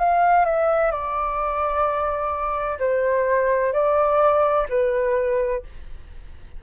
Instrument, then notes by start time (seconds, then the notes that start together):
flute
0.00 F5
0.46 E5
0.92 D5
2.80 C5
3.73 D5
4.70 B4